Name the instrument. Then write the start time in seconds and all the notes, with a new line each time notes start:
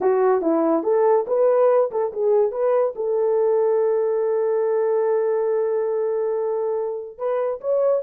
horn
0.00 F#4
0.41 E4
0.83 A4
1.27 B4
1.91 A4
2.12 G#4
2.51 B4
2.95 A4
7.18 B4
7.61 C#5